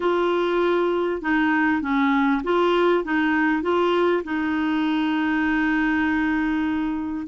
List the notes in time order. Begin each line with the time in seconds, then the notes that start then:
0.00 F4
1.21 D#4
1.81 C#4
2.43 F4
3.04 D#4
3.62 F4
4.23 D#4